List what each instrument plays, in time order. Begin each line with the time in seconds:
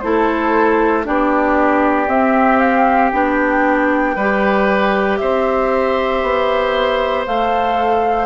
0.00 bassoon A3, clarinet E4, oboe A4, flute C5
1.04 bassoon B3, clarinet D4, oboe G4, flute D5
2.08 bassoon C4, clarinet C4, flute E5
2.59 flute F5
3.11 bassoon B3, clarinet D4, flute G5
4.16 bassoon G3, clarinet G4, oboe B4
5.17 bassoon C4, oboe C5, flute E5
6.23 bassoon B3
7.26 bassoon A3, clarinet A4, flute F5